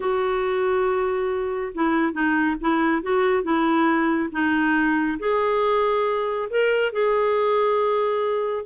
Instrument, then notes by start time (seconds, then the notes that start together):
clarinet
0.00 F#4
1.74 E4
2.12 D#4
2.60 E4
3.02 F#4
3.43 E4
4.32 D#4
5.19 G#4
6.49 A#4
6.92 G#4